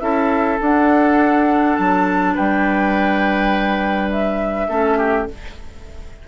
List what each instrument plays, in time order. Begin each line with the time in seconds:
0.00 bassoon C#4, clarinet E4, oboe A4, flute E5
0.61 bassoon D4, clarinet D4, flute F#5
1.77 bassoon F#3, flute A5
2.35 bassoon G3, oboe B4, flute G5
4.12 flute E5
4.69 bassoon A3, clarinet C#4, oboe A4
4.98 oboe G4